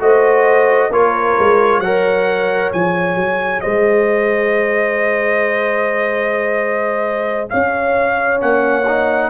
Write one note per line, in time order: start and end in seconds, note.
0.00 0.90 A3
0.00 0.91 F#4
0.00 0.92 C5
0.00 0.93 D#5
0.90 1.36 A#3
0.90 1.84 F4
0.90 1.81 A#4
0.90 1.81 C#5
1.39 1.80 G#3
1.80 2.71 F#3
1.80 2.74 A#4
1.80 3.63 C#5
1.80 2.72 F#5
2.73 3.16 F3
2.73 8.38 G#4
2.73 3.61 G#5
3.16 3.61 F#3
3.61 7.52 G#3
3.61 7.50 C5
3.61 7.48 D#5
7.50 8.43 C#4
7.50 9.30 C#5
7.50 8.41 F5
8.38 9.30 A#3
8.38 8.84 C#4
8.38 9.30 F#5
8.88 9.30 D#4